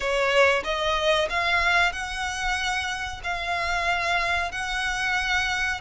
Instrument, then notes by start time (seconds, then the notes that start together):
violin
0.00 C#5
0.64 D#5
1.29 F5
1.92 F#5
3.23 F5
4.51 F#5